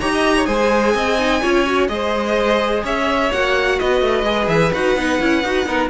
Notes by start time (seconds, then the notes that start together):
0.00 D#4 G4 C#5 A#5
0.12 D#5
0.36 C#5
0.46 G#3 G#4 C5 G#5
0.95 C4 D#5
1.19 D#4
1.42 C#4 F4 C#5
1.66 F#4
1.89 G#3 G#4 C5 D#5
2.84 C#4 C#5 E5
3.33 A#3 F#4 F#5
3.80 B3 B4 D#5
4.02 A3
4.23 G#3 G#4
4.48 E3 E5
4.74 D#4 F#4 F#5
4.96 B3 D#4
5.20 C#4 E4
5.44 D#4 F#4
5.66 B3 D#4 A#4